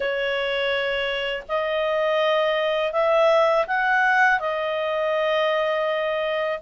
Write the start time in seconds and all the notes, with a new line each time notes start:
0.00 C#5
1.48 D#5
2.92 E5
3.67 F#5
4.39 D#5